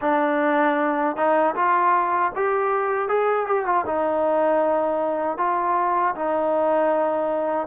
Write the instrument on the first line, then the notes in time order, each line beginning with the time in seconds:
trombone
0.01 D4
1.16 D#4
1.55 F4
2.35 G4
3.08 G#4
3.46 G4
3.65 F4
3.85 D#4
5.37 F4
6.15 D#4